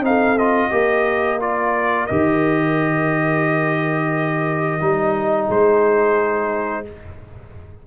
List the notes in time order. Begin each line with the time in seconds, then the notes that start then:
0.00 C4 D#4 F5
0.07 A4
0.38 F4 D#5
0.71 A#3 G4 A#4
1.40 F4 D5
2.07 D#3 G4 D#5
4.80 G3 D#4
5.45 G#3 G#4 C5